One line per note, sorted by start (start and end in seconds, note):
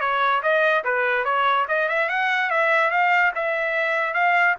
0.00 0.41 C#5
0.42 0.84 D#5
0.84 1.24 B4
1.24 1.66 C#5
1.68 1.88 D#5
1.88 2.09 E5
2.09 2.50 F#5
2.50 2.90 E5
2.90 3.32 F5
3.35 4.13 E5
4.13 4.55 F5